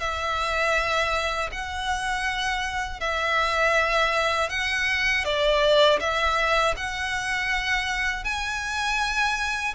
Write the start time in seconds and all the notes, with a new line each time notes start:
0.00 E5
1.52 F#5
3.00 E5
4.49 F#5
5.24 D5
6.00 E5
6.77 F#5
8.24 G#5